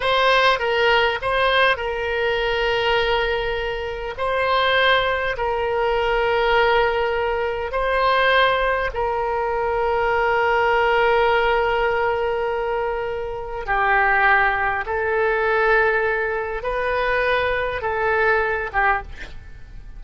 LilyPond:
\new Staff \with { instrumentName = "oboe" } { \time 4/4 \tempo 4 = 101 c''4 ais'4 c''4 ais'4~ | ais'2. c''4~ | c''4 ais'2.~ | ais'4 c''2 ais'4~ |
ais'1~ | ais'2. g'4~ | g'4 a'2. | b'2 a'4. g'8 | }